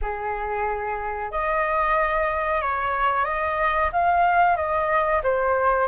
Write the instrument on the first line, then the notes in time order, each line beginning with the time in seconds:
flute
0.01 G#4
1.31 D#5
2.61 C#5
3.25 D#5
3.92 F5
4.56 D#5
5.23 C5